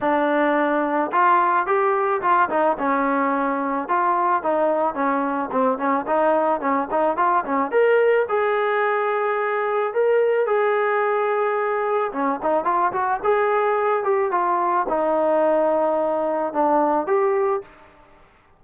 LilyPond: \new Staff \with { instrumentName = "trombone" } { \time 4/4 \tempo 4 = 109 d'2 f'4 g'4 | f'8 dis'8 cis'2 f'4 | dis'4 cis'4 c'8 cis'8 dis'4 | cis'8 dis'8 f'8 cis'8 ais'4 gis'4~ |
gis'2 ais'4 gis'4~ | gis'2 cis'8 dis'8 f'8 fis'8 | gis'4. g'8 f'4 dis'4~ | dis'2 d'4 g'4 | }